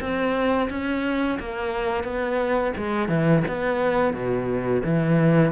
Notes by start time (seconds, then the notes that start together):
0.00 C4
0.70 C#4
1.39 A#3
2.03 B3
2.77 G#3
3.08 E3
3.48 B3
4.13 B2
4.84 E3